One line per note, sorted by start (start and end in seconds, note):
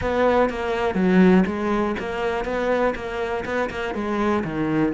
0.01 0.49 B3
0.49 0.95 A#3
0.95 1.44 F#3
1.46 1.95 G#3
1.99 2.44 A#3
2.44 2.94 B3
2.95 3.44 A#3
3.45 3.69 B3
3.70 3.94 A#3
3.94 4.43 G#3
4.44 4.93 D#3